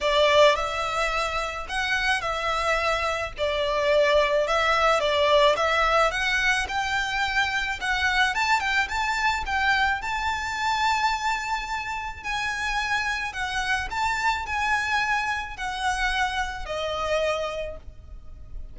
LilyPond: \new Staff \with { instrumentName = "violin" } { \time 4/4 \tempo 4 = 108 d''4 e''2 fis''4 | e''2 d''2 | e''4 d''4 e''4 fis''4 | g''2 fis''4 a''8 g''8 |
a''4 g''4 a''2~ | a''2 gis''2 | fis''4 a''4 gis''2 | fis''2 dis''2 | }